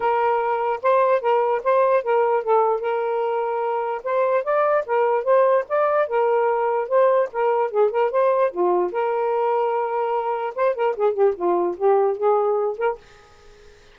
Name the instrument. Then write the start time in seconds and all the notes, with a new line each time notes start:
saxophone
0.00 A#4
0.82 C5
1.21 A#4
1.63 C5
2.03 A#4
2.43 A4
2.80 A#4
4.03 C5
4.44 D5
4.86 A#4
5.24 C5
5.69 D5
6.07 A#4
6.88 C5
7.32 A#4
7.70 G#4
7.90 A#4
8.11 C5
8.51 F4
8.92 A#4
10.55 C5
10.75 A#4
10.96 G#4
11.13 G4
11.35 F4
11.76 G4
12.17 G#4
12.78 A#4